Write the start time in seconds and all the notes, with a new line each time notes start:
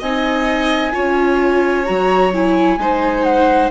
0.00 C4 D#4 D#5 G#5
0.92 C#4 F4 C#5
1.86 F#3 F#4 A#5
2.34 E4 G#5
2.78 G#3 D#4 C5
3.24 F#5